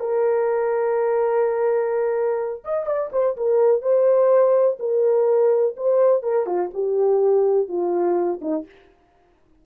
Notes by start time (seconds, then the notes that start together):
0.00 A#4
2.65 D#5
2.87 D5
3.13 C5
3.37 A#4
3.82 C5
4.80 A#4
5.77 C5
6.23 A#4
6.46 F4
6.74 G4
7.69 F4
8.42 D#4